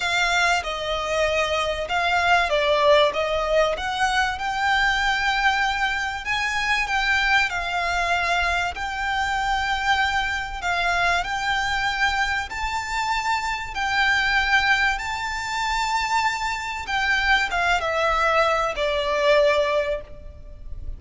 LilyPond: \new Staff \with { instrumentName = "violin" } { \time 4/4 \tempo 4 = 96 f''4 dis''2 f''4 | d''4 dis''4 fis''4 g''4~ | g''2 gis''4 g''4 | f''2 g''2~ |
g''4 f''4 g''2 | a''2 g''2 | a''2. g''4 | f''8 e''4. d''2 | }